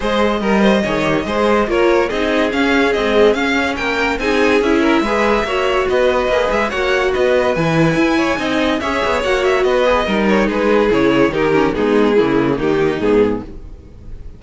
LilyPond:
<<
  \new Staff \with { instrumentName = "violin" } { \time 4/4 \tempo 4 = 143 dis''1 | cis''4 dis''4 f''4 dis''4 | f''4 g''4 gis''4 e''4~ | e''2 dis''4. e''8 |
fis''4 dis''4 gis''2~ | gis''4 e''4 fis''8 e''8 dis''4~ | dis''8 cis''8 b'4 cis''4 ais'4 | gis'2 g'4 gis'4 | }
  \new Staff \with { instrumentName = "violin" } { \time 4/4 c''4 ais'8 c''8 cis''4 c''4 | ais'4 gis'2.~ | gis'4 ais'4 gis'4. ais'8 | b'4 cis''4 b'2 |
cis''4 b'2~ b'8 cis''8 | dis''4 cis''2 b'4 | ais'4 gis'2 g'4 | dis'4 e'4 dis'2 | }
  \new Staff \with { instrumentName = "viola" } { \time 4/4 gis'4 ais'4 gis'8 g'8 gis'4 | f'4 dis'4 cis'4 gis4 | cis'2 dis'4 e'4 | gis'4 fis'2 gis'4 |
fis'2 e'2 | dis'4 gis'4 fis'4. gis'8 | dis'2 e'4 dis'8 cis'8 | b4 ais2 b4 | }
  \new Staff \with { instrumentName = "cello" } { \time 4/4 gis4 g4 dis4 gis4 | ais4 c'4 cis'4 c'4 | cis'4 ais4 c'4 cis'4 | gis4 ais4 b4 ais8 gis8 |
ais4 b4 e4 e'4 | c'4 cis'8 b8 ais4 b4 | g4 gis4 cis4 dis4 | gis4 cis4 dis4 gis,4 | }
>>